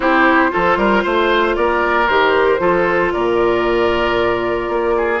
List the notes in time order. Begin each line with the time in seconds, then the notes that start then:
0.00 C4 E4 G4 C5
0.50 F3 F4 A4
0.76 G3 A#4
1.03 A3 C5
1.55 A#3 A#4 D5
2.07 D#3 G4 C5
2.58 F3 F4 A4
3.12 A#2 A#4 D5
4.68 A#3
4.96 G#4